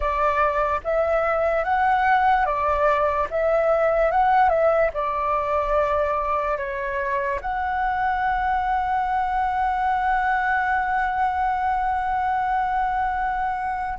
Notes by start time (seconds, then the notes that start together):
0.00 D5
0.84 E5
1.64 F#5
2.45 D5
3.30 E5
4.11 F#5
4.49 E5
4.93 D5
6.57 C#5
7.41 F#5